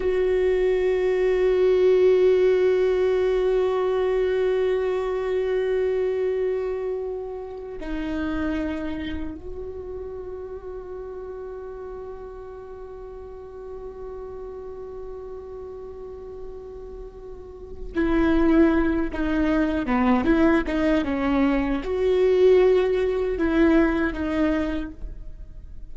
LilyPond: \new Staff \with { instrumentName = "viola" } { \time 4/4 \tempo 4 = 77 fis'1~ | fis'1~ | fis'2 dis'2 | fis'1~ |
fis'1~ | fis'2. e'4~ | e'8 dis'4 b8 e'8 dis'8 cis'4 | fis'2 e'4 dis'4 | }